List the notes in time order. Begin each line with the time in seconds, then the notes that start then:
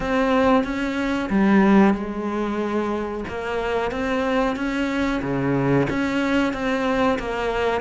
0.00 C4
0.64 C#4
1.29 G3
1.94 G#3
3.28 A#3
3.91 C4
4.56 C#4
5.21 C#3
5.89 C#4
6.53 C4
7.18 A#3